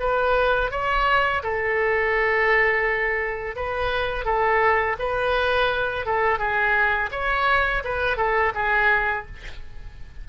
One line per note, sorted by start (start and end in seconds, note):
0.00 0.71 B4
0.71 1.43 C#5
1.43 3.56 A4
3.56 4.25 B4
4.25 4.96 A4
4.99 6.06 B4
6.06 6.39 A4
6.39 7.10 G#4
7.12 7.83 C#5
7.84 8.17 B4
8.17 8.53 A4
8.55 9.26 G#4